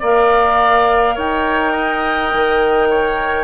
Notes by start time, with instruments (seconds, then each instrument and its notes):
0.00 bassoon A#3, clarinet A#4, oboe D5, flute F5
1.15 bassoon D#4, oboe C#5, flute G5
1.73 oboe D#5
2.34 bassoon D#3
2.90 oboe C#5